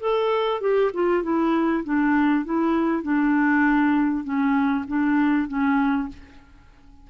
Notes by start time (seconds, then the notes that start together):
0.00 A4
0.61 G4
0.94 F4
1.23 E4
1.84 D4
2.45 E4
3.03 D4
4.24 C#4
4.87 D4
5.48 C#4